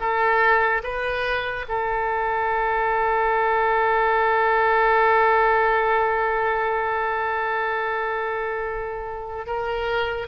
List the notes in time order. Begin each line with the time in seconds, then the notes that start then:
0.00 A4
0.84 B4
1.69 A4
9.47 A#4